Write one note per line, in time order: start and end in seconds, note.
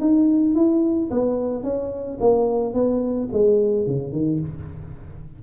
0.00 0.55 D#4
0.55 1.10 E4
1.11 1.63 B3
1.63 2.18 C#4
2.20 2.74 A#3
2.74 3.29 B3
3.33 3.87 G#3
3.87 4.12 C#3
4.12 4.40 D#3